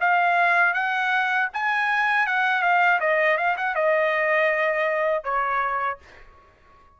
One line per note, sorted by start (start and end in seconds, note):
0.00 0.73 F5
0.73 1.48 F#5
1.53 2.26 G#5
2.26 2.61 F#5
2.61 2.99 F5
3.00 3.37 D#5
3.37 3.56 F5
3.57 3.75 F#5
3.75 5.23 D#5
5.23 5.98 C#5